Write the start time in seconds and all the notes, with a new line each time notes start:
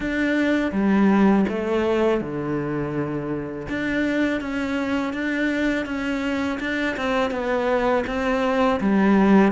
0.00 D4
0.72 G3
1.48 A3
2.21 D3
3.68 D4
4.40 C#4
5.13 D4
5.85 C#4
6.60 D4
6.96 C4
7.30 B3
8.06 C4
8.80 G3